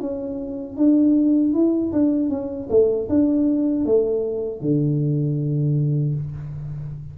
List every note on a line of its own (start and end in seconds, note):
0.00 0.77 C#4
0.77 1.53 D4
1.53 1.92 E4
1.92 2.29 D4
2.29 2.68 C#4
2.70 3.08 A3
3.09 3.86 D4
3.86 4.61 A3
4.61 6.15 D3